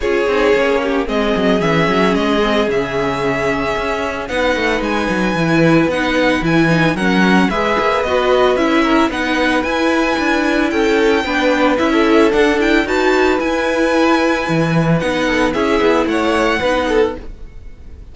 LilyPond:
<<
  \new Staff \with { instrumentName = "violin" } { \time 4/4 \tempo 4 = 112 cis''2 dis''4 e''4 | dis''4 e''2. | fis''4 gis''2 fis''4 | gis''4 fis''4 e''4 dis''4 |
e''4 fis''4 gis''2 | g''2 e''4 fis''8 g''8 | a''4 gis''2. | fis''4 e''4 fis''2 | }
  \new Staff \with { instrumentName = "violin" } { \time 4/4 gis'4. g'8 gis'2~ | gis'1 | b'1~ | b'4 ais'4 b'2~ |
b'8 ais'8 b'2. | a'4 b'4~ b'16 a'4.~ a'16 | b'1~ | b'8 a'8 gis'4 cis''4 b'8 a'8 | }
  \new Staff \with { instrumentName = "viola" } { \time 4/4 f'8 dis'8 cis'4 c'4 cis'4~ | cis'8 c'8 cis'2. | dis'2 e'4 dis'4 | e'8 dis'8 cis'4 gis'4 fis'4 |
e'4 dis'4 e'2~ | e'4 d'4 e'4 d'8 e'8 | fis'4 e'2. | dis'4 e'2 dis'4 | }
  \new Staff \with { instrumentName = "cello" } { \time 4/4 cis'8 c'8 ais4 gis8 fis8 e8 fis8 | gis4 cis2 cis'4 | b8 a8 gis8 fis8 e4 b4 | e4 fis4 gis8 ais8 b4 |
cis'4 b4 e'4 d'4 | cis'4 b4 cis'4 d'4 | dis'4 e'2 e4 | b4 cis'8 b8 a4 b4 | }
>>